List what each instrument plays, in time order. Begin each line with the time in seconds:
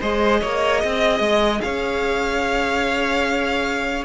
0.00 cello G#3, viola G#4, violin C5 D#5
0.41 cello A#3, violin C#5
0.81 cello C4, violin D#5
1.20 cello G#3
1.61 cello C#4, violin C#5 F5